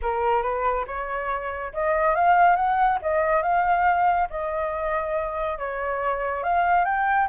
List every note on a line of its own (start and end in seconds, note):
0.02 0.42 A#4
0.42 0.85 B4
0.87 1.72 C#5
1.73 2.15 D#5
2.15 2.56 F5
2.56 2.98 F#5
3.02 3.42 D#5
3.42 4.28 F5
4.30 5.58 D#5
5.58 6.43 C#5
6.43 6.84 F5
6.84 7.27 G5